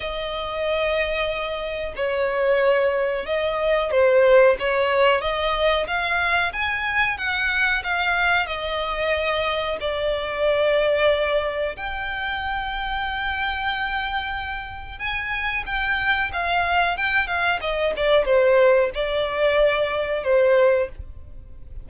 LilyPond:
\new Staff \with { instrumentName = "violin" } { \time 4/4 \tempo 4 = 92 dis''2. cis''4~ | cis''4 dis''4 c''4 cis''4 | dis''4 f''4 gis''4 fis''4 | f''4 dis''2 d''4~ |
d''2 g''2~ | g''2. gis''4 | g''4 f''4 g''8 f''8 dis''8 d''8 | c''4 d''2 c''4 | }